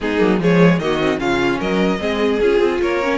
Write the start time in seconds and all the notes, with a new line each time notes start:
0.00 G#3 B3 D#4 G#4
0.18 F#3 A#3
0.39 F3 G#3 G#4 C#5
0.79 D#3 A#3 F#4 D#5
1.00 C4
1.18 C#3 C#4 F4 F5
1.59 F#3 A#4 D#5
1.98 G#3 C4 G#4
2.39 C#4 F4 G#4
2.60 C4
2.81 A#3 A#4 C#5
3.02 C#4